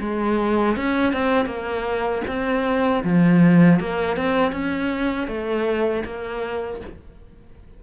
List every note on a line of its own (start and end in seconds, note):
0.00 0.76 G#3
0.76 1.13 C#4
1.13 1.45 C4
1.45 2.21 A#3
2.27 3.03 C4
3.04 3.79 F3
3.79 4.16 A#3
4.16 4.52 C4
4.52 5.27 C#4
5.27 6.03 A3
6.05 6.81 A#3